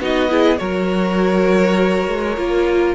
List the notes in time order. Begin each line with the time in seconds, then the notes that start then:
0.00 B3 D#4 F#4 D#5
0.29 E4 G#4
0.58 F#3 F#4 A#4 C#5
2.08 G#3
2.37 A#3 F4